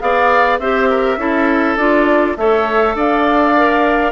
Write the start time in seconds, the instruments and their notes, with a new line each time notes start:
0.00 bassoon B3, clarinet G#4, oboe D5, flute F5
0.59 bassoon C4, clarinet G4, oboe C5, flute E5
0.89 oboe A#4
1.17 bassoon C#4, clarinet E4, oboe A4
1.77 bassoon D4, clarinet F4, flute D5
2.37 bassoon A3, clarinet A4, oboe C#5, flute E5
2.95 bassoon D4, oboe D5, flute F5
3.56 clarinet A#4